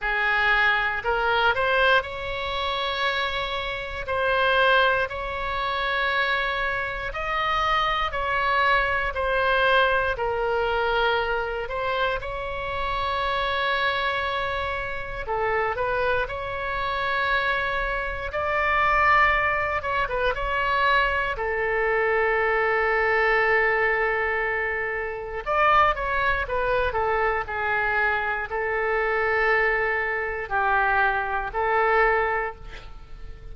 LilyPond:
\new Staff \with { instrumentName = "oboe" } { \time 4/4 \tempo 4 = 59 gis'4 ais'8 c''8 cis''2 | c''4 cis''2 dis''4 | cis''4 c''4 ais'4. c''8 | cis''2. a'8 b'8 |
cis''2 d''4. cis''16 b'16 | cis''4 a'2.~ | a'4 d''8 cis''8 b'8 a'8 gis'4 | a'2 g'4 a'4 | }